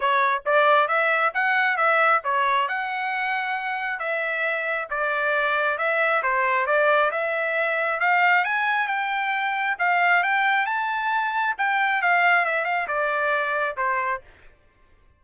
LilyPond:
\new Staff \with { instrumentName = "trumpet" } { \time 4/4 \tempo 4 = 135 cis''4 d''4 e''4 fis''4 | e''4 cis''4 fis''2~ | fis''4 e''2 d''4~ | d''4 e''4 c''4 d''4 |
e''2 f''4 gis''4 | g''2 f''4 g''4 | a''2 g''4 f''4 | e''8 f''8 d''2 c''4 | }